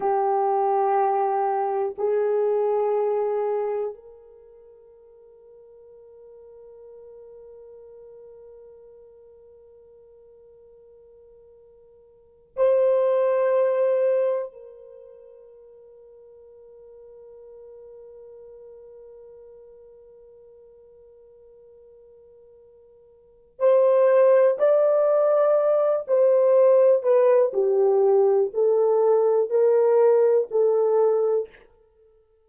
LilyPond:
\new Staff \with { instrumentName = "horn" } { \time 4/4 \tempo 4 = 61 g'2 gis'2 | ais'1~ | ais'1~ | ais'8. c''2 ais'4~ ais'16~ |
ais'1~ | ais'1 | c''4 d''4. c''4 b'8 | g'4 a'4 ais'4 a'4 | }